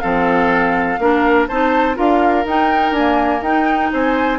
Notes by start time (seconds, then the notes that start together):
0.00 F3 C4 A4 F5
0.98 A#3 D4 A#4
1.47 C4 D#4 C5 A5
1.95 D4 F4 A#4 F5
2.45 D#4 G5
2.91 A#3 D4 G#5
3.42 D#4 G5
3.93 C4 C5 G#5